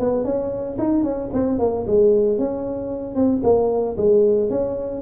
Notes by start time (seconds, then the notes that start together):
0.00 B3
0.25 C#4
0.79 D#4
1.04 C#4
1.34 C4
1.60 A#3
1.87 G#3
2.39 C#4
3.16 C4
3.44 A#3
3.98 G#3
4.50 C#4